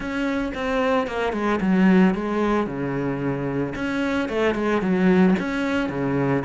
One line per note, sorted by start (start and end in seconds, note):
0.00 0.52 C#4
0.54 1.07 C4
1.07 1.32 A#3
1.32 1.59 G#3
1.60 2.14 F#3
2.14 2.66 G#3
2.66 3.74 C#3
3.75 4.29 C#4
4.29 4.55 A3
4.55 4.81 G#3
4.81 5.34 F#3
5.39 5.89 C#4
5.89 6.43 C#3